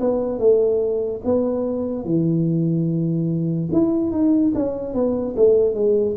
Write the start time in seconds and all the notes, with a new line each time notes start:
0.00 B3
0.39 A3
1.24 B3
2.05 E3
3.72 E4
4.11 D#4
4.55 C#4
4.94 B3
5.36 A3
5.75 G#3